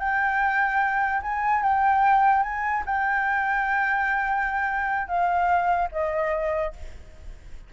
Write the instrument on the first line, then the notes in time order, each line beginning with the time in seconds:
flute
0.00 G5
1.23 G#5
1.63 G5
2.44 G#5
2.86 G5
5.08 F5
5.92 D#5